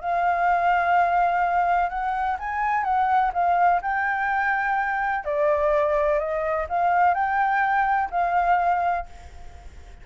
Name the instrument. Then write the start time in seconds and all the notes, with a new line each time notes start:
flute
0.00 F5
1.89 F#5
2.39 G#5
2.83 F#5
3.33 F5
3.82 G5
5.24 D5
6.19 D#5
6.69 F5
7.14 G5
8.10 F5